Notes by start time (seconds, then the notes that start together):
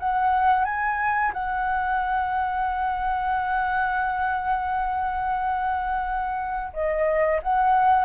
0.00 F#5
0.65 G#5
1.34 F#5
6.74 D#5
7.43 F#5